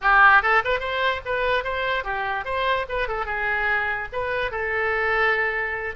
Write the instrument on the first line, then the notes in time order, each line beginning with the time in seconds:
oboe
0.01 G4
0.42 A4
0.64 B4
0.79 C5
1.25 B4
1.63 C5
2.04 G4
2.45 C5
2.89 B4
3.08 A4
3.25 G#4
4.12 B4
4.51 A4